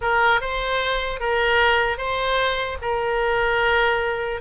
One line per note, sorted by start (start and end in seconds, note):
0.01 0.41 A#4
0.41 1.20 C5
1.20 1.97 A#4
1.97 2.77 C5
2.81 4.41 A#4